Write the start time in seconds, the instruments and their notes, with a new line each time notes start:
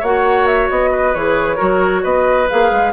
0.00 bassoon A#3, clarinet F#4, oboe C#5, flute F#5
0.46 flute E5
0.69 bassoon B3, flute D#5
0.92 oboe B4
1.14 bassoon E3, clarinet G#4, flute C#5
1.56 bassoon F#3, clarinet F#4, oboe A#4
2.03 bassoon B3, oboe B4, flute D#5
2.49 bassoon A#3, clarinet G#4, flute F5
2.71 bassoon G#3